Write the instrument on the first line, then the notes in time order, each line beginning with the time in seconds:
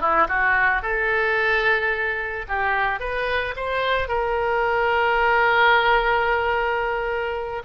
oboe
0.00 E4
0.28 F#4
0.82 A4
2.48 G4
3.00 B4
3.56 C5
4.08 A#4